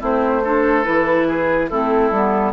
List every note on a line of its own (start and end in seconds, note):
0.00 0.86 A3
0.00 0.43 C4
0.00 0.42 E4
0.00 0.85 C5
0.44 0.85 D4
0.44 1.28 A4
0.85 1.71 E3
0.85 1.69 E4
0.85 1.69 B4
1.28 1.70 G#4
1.70 2.11 A3
1.70 2.14 C4
1.70 2.53 E4
1.70 2.53 A4
2.11 2.53 G3
2.11 2.53 B3